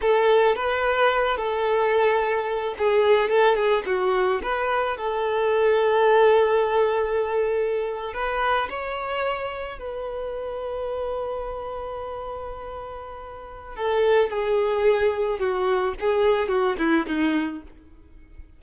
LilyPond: \new Staff \with { instrumentName = "violin" } { \time 4/4 \tempo 4 = 109 a'4 b'4. a'4.~ | a'4 gis'4 a'8 gis'8 fis'4 | b'4 a'2.~ | a'2~ a'8. b'4 cis''16~ |
cis''4.~ cis''16 b'2~ b'16~ | b'1~ | b'4 a'4 gis'2 | fis'4 gis'4 fis'8 e'8 dis'4 | }